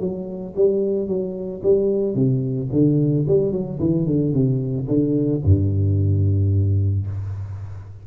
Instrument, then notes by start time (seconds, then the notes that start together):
tuba
0.00 F#3
0.56 G3
1.08 F#3
1.63 G3
2.15 C3
2.72 D3
3.28 G3
3.52 F#3
3.80 E3
4.06 D3
4.33 C3
4.87 D3
5.45 G2